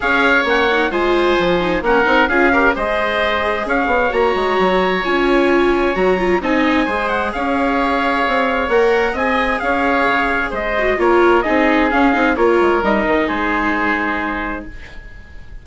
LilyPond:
<<
  \new Staff \with { instrumentName = "trumpet" } { \time 4/4 \tempo 4 = 131 f''4 fis''4 gis''2 | fis''4 f''4 dis''2 | f''4 ais''2 gis''4~ | gis''4 ais''4 gis''4. fis''8 |
f''2. fis''4 | gis''4 f''2 dis''4 | cis''4 dis''4 f''4 cis''4 | dis''4 c''2. | }
  \new Staff \with { instrumentName = "oboe" } { \time 4/4 cis''2 c''2 | ais'4 gis'8 ais'8 c''2 | cis''1~ | cis''2 dis''4 c''4 |
cis''1 | dis''4 cis''2 c''4 | ais'4 gis'2 ais'4~ | ais'4 gis'2. | }
  \new Staff \with { instrumentName = "viola" } { \time 4/4 gis'4 cis'8 dis'8 f'4. dis'8 | cis'8 dis'8 f'8 g'8 gis'2~ | gis'4 fis'2 f'4~ | f'4 fis'8 f'8 dis'4 gis'4~ |
gis'2. ais'4 | gis'2.~ gis'8 fis'8 | f'4 dis'4 cis'8 dis'8 f'4 | dis'1 | }
  \new Staff \with { instrumentName = "bassoon" } { \time 4/4 cis'4 ais4 gis4 f4 | ais8 c'8 cis'4 gis2 | cis'8 b8 ais8 gis8 fis4 cis'4~ | cis'4 fis4 c'4 gis4 |
cis'2 c'4 ais4 | c'4 cis'4 cis4 gis4 | ais4 c'4 cis'8 c'8 ais8 gis8 | g8 dis8 gis2. | }
>>